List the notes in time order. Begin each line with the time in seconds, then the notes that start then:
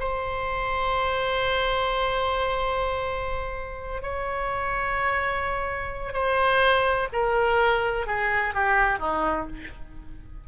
0.00 C5
4.02 C#5
6.13 C5
7.13 A#4
8.07 G#4
8.54 G4
8.99 D#4